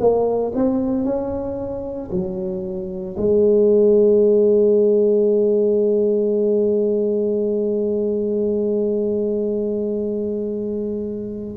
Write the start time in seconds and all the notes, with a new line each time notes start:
0.00 A#3
0.56 C4
1.05 C#4
2.11 F#3
3.17 G#3